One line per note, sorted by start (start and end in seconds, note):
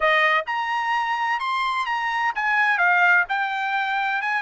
0.00 0.44 D#5
0.46 1.39 A#5
1.39 1.86 C6
1.86 2.32 A#5
2.35 2.78 G#5
2.78 3.24 F5
3.29 4.21 G5
4.21 4.42 G#5